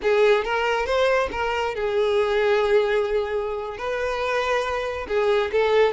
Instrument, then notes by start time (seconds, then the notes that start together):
violin
0.02 G#4
0.44 A#4
0.86 C5
1.31 A#4
1.74 G#4
3.77 B4
5.07 G#4
5.51 A4